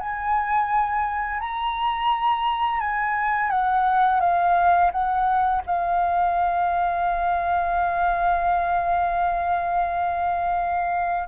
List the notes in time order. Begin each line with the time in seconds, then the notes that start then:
0.00 G#5
1.40 A#5
2.81 G#5
3.51 F#5
4.21 F5
4.92 F#5
5.67 F5